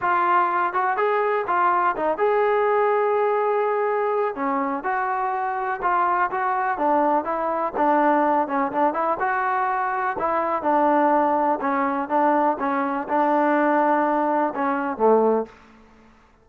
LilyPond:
\new Staff \with { instrumentName = "trombone" } { \time 4/4 \tempo 4 = 124 f'4. fis'8 gis'4 f'4 | dis'8 gis'2.~ gis'8~ | gis'4 cis'4 fis'2 | f'4 fis'4 d'4 e'4 |
d'4. cis'8 d'8 e'8 fis'4~ | fis'4 e'4 d'2 | cis'4 d'4 cis'4 d'4~ | d'2 cis'4 a4 | }